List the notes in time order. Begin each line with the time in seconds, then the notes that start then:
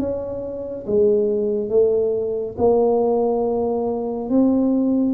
0.00 C#4
0.87 G#3
1.70 A3
2.58 A#3
4.30 C4